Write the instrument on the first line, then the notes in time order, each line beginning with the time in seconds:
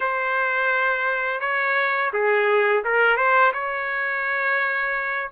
trumpet
0.00 C5
1.40 C#5
2.13 G#4
2.84 A#4
3.16 C5
3.53 C#5